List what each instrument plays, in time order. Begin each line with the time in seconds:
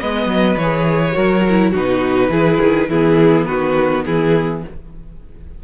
0.00 cello G#3, viola B3, violin B4 D#5
0.26 cello F#3
0.57 cello E3, viola G#4, violin C#5
1.12 cello F#3, viola F#4, violin A#4
1.50 viola E4
1.71 cello B2, viola D#4, violin F#4 B4
2.29 cello E3, viola E4, violin G#4
2.61 cello D#3
2.89 cello E3, viola B3, violin E4 G#4
3.46 cello D#3, violin F#4 B4
4.05 cello E3, violin E4 G#4